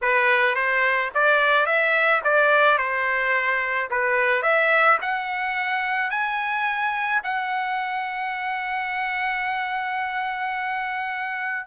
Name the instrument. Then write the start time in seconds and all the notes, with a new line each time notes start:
trumpet
0.01 B4
0.55 C5
1.14 D5
1.65 E5
2.24 D5
2.78 C5
3.90 B4
4.42 E5
5.01 F#5
6.10 G#5
7.23 F#5